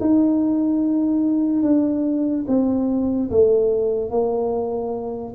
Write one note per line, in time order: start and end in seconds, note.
0.00 1.63 D#4
1.63 2.45 D4
2.47 3.30 C4
3.30 4.10 A3
4.10 5.33 A#3